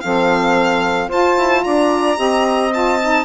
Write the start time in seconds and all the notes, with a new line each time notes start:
0.00 F3 C4 A4 F5
1.08 F4 C5 A5
1.37 E4
1.64 D4 D5 A#5
2.16 C4 G4 D#5
2.72 F4 A5
3.02 D#4